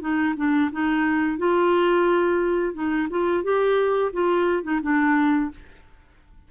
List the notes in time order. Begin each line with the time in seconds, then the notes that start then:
0.00 D#4
0.36 D4
0.72 D#4
1.38 F4
2.74 D#4
3.10 F4
3.43 G4
4.12 F4
4.63 D#4
4.82 D4